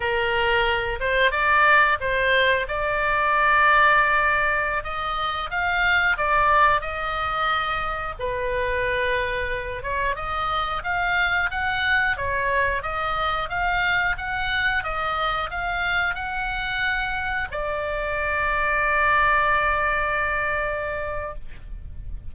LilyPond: \new Staff \with { instrumentName = "oboe" } { \time 4/4 \tempo 4 = 90 ais'4. c''8 d''4 c''4 | d''2.~ d''16 dis''8.~ | dis''16 f''4 d''4 dis''4.~ dis''16~ | dis''16 b'2~ b'8 cis''8 dis''8.~ |
dis''16 f''4 fis''4 cis''4 dis''8.~ | dis''16 f''4 fis''4 dis''4 f''8.~ | f''16 fis''2 d''4.~ d''16~ | d''1 | }